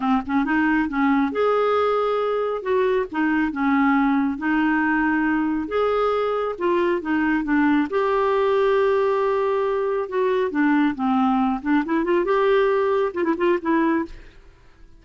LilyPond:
\new Staff \with { instrumentName = "clarinet" } { \time 4/4 \tempo 4 = 137 c'8 cis'8 dis'4 cis'4 gis'4~ | gis'2 fis'4 dis'4 | cis'2 dis'2~ | dis'4 gis'2 f'4 |
dis'4 d'4 g'2~ | g'2. fis'4 | d'4 c'4. d'8 e'8 f'8 | g'2 f'16 e'16 f'8 e'4 | }